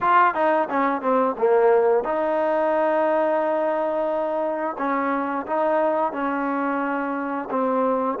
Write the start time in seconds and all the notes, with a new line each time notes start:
0.01 F4
0.34 D#4
0.69 C#4
1.01 C4
1.38 A#3
2.03 D#4
4.77 C#4
5.46 D#4
6.12 C#4
7.50 C4